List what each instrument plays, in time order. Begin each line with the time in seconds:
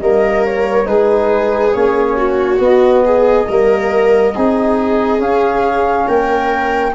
0.00 tuba G3, trombone A#3, viola A#4, flute D#5
0.46 flute C#5
0.86 tuba G#3, trombone D#4, viola G#4, flute B4
1.73 tuba A#3, trombone C#4, flute C#5
2.17 viola F#4
2.58 trombone B3, tuba B3, flute D#5
3.05 viola G#4
3.48 tuba G3, trombone A#3, viola A#4
4.36 tuba C4, trombone D#4, viola G#4
5.19 tuba C#4, trombone C#4, flute F5
6.08 tuba A#3, viola A#4, flute G5